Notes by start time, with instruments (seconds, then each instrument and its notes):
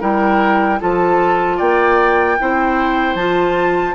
0.00 bassoon G3, clarinet E4, oboe A#4, flute G5
0.80 bassoon F3, clarinet F4, oboe A4, flute A5
1.57 bassoon A#3, oboe D5, flute G5
2.39 bassoon C4, clarinet E4, oboe C5
3.14 bassoon F3, clarinet F4, flute A5